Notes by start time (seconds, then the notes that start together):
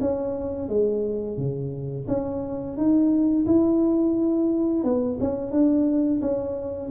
0.00 C#4
0.68 G#3
1.37 C#3
2.08 C#4
2.76 D#4
3.46 E4
4.83 B3
5.20 C#4
5.51 D4
6.21 C#4